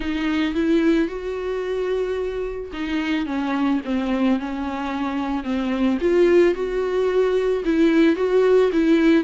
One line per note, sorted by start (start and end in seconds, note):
0.00 0.54 D#4
0.54 1.08 E4
1.08 2.71 F#4
2.72 3.26 D#4
3.26 3.80 C#4
3.85 4.39 C4
4.39 5.43 C#4
5.43 5.98 C4
6.00 6.54 F4
6.54 7.63 F#4
7.64 8.16 E4
8.16 8.70 F#4
8.72 9.24 E4